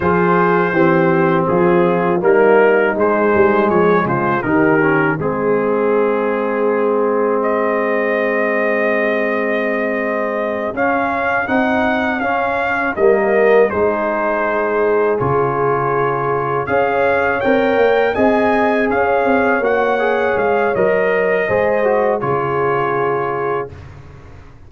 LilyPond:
<<
  \new Staff \with { instrumentName = "trumpet" } { \time 4/4 \tempo 4 = 81 c''2 gis'4 ais'4 | c''4 cis''8 c''8 ais'4 gis'4~ | gis'2 dis''2~ | dis''2~ dis''8 f''4 fis''8~ |
fis''8 f''4 dis''4 c''4.~ | c''8 cis''2 f''4 g''8~ | g''8 gis''4 f''4 fis''4 f''8 | dis''2 cis''2 | }
  \new Staff \with { instrumentName = "horn" } { \time 4/4 gis'4 g'4 f'4 dis'4~ | dis'4 gis'8 f'8 g'4 gis'4~ | gis'1~ | gis'1~ |
gis'4. ais'4 gis'4.~ | gis'2~ gis'8 cis''4.~ | cis''8 dis''4 cis''2~ cis''8~ | cis''4 c''4 gis'2 | }
  \new Staff \with { instrumentName = "trombone" } { \time 4/4 f'4 c'2 ais4 | gis2 dis'8 cis'8 c'4~ | c'1~ | c'2~ c'8 cis'4 dis'8~ |
dis'8 cis'4 ais4 dis'4.~ | dis'8 f'2 gis'4 ais'8~ | ais'8 gis'2 fis'8 gis'4 | ais'4 gis'8 fis'8 f'2 | }
  \new Staff \with { instrumentName = "tuba" } { \time 4/4 f4 e4 f4 g4 | gis8 g8 f8 cis8 dis4 gis4~ | gis1~ | gis2~ gis8 cis'4 c'8~ |
c'8 cis'4 g4 gis4.~ | gis8 cis2 cis'4 c'8 | ais8 c'4 cis'8 c'8 ais4 gis8 | fis4 gis4 cis2 | }
>>